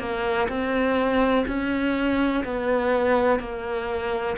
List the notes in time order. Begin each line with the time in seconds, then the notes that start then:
0.00 A#3
0.49 C4
1.47 C#4
2.45 B3
3.40 A#3